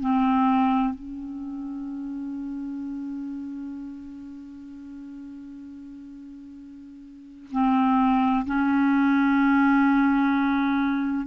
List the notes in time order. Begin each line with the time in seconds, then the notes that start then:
0.00 C4
0.94 C#4
7.52 C4
8.46 C#4